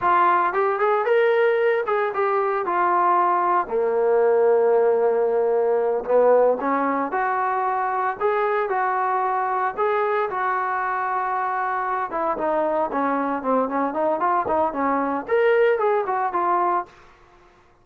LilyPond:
\new Staff \with { instrumentName = "trombone" } { \time 4/4 \tempo 4 = 114 f'4 g'8 gis'8 ais'4. gis'8 | g'4 f'2 ais4~ | ais2.~ ais8 b8~ | b8 cis'4 fis'2 gis'8~ |
gis'8 fis'2 gis'4 fis'8~ | fis'2. e'8 dis'8~ | dis'8 cis'4 c'8 cis'8 dis'8 f'8 dis'8 | cis'4 ais'4 gis'8 fis'8 f'4 | }